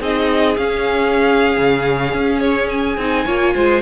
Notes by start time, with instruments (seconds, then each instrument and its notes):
0.00 cello C4, viola D#4, violin G#4 D#5
0.57 cello C#4, viola C#4, violin F5
1.58 cello C#3
2.14 cello C#4
2.40 violin C#5
2.69 violin G#5
2.97 cello C4, viola D#4
3.25 cello A#3, viola F4, violin C#5
3.54 cello G#3, violin C5